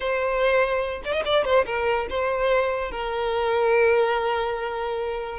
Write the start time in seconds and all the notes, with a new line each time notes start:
0.00 C5
1.04 D5
1.12 D#5
1.25 D5
1.44 C5
1.66 A#4
2.09 C5
2.91 A#4